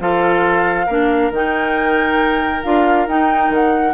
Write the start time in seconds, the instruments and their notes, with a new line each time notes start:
0.00 bassoon F3, clarinet F4, oboe A4, flute F5
0.86 bassoon A#3, clarinet D4, oboe A#4
1.31 bassoon D#3, clarinet D#4, flute G5
2.63 bassoon D4, clarinet F4, flute F5
3.07 bassoon D#4, clarinet D#4, flute G5
3.50 bassoon D#3, flute F#5